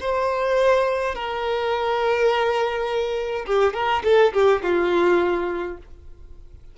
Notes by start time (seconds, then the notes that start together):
0.00 C5
1.15 A#4
3.46 G4
3.74 A#4
4.04 A4
4.33 G4
4.62 F4